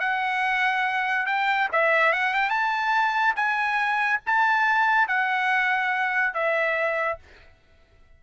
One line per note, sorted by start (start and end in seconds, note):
0.00 1.27 F#5
1.27 1.69 G5
1.73 2.13 E5
2.13 2.34 F#5
2.34 2.50 G5
2.50 3.35 A5
3.36 4.20 G#5
4.27 5.08 A5
5.08 6.34 F#5
6.34 7.19 E5